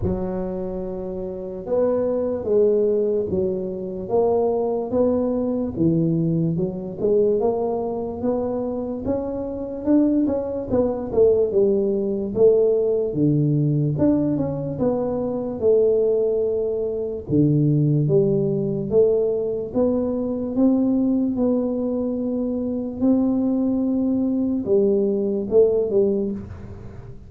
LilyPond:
\new Staff \with { instrumentName = "tuba" } { \time 4/4 \tempo 4 = 73 fis2 b4 gis4 | fis4 ais4 b4 e4 | fis8 gis8 ais4 b4 cis'4 | d'8 cis'8 b8 a8 g4 a4 |
d4 d'8 cis'8 b4 a4~ | a4 d4 g4 a4 | b4 c'4 b2 | c'2 g4 a8 g8 | }